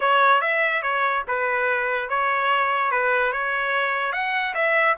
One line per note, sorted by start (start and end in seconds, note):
0.00 0.41 C#5
0.41 0.82 E5
0.82 1.23 C#5
1.27 2.09 B4
2.09 2.91 C#5
2.91 3.32 B4
3.32 4.12 C#5
4.12 4.53 F#5
4.54 4.96 E5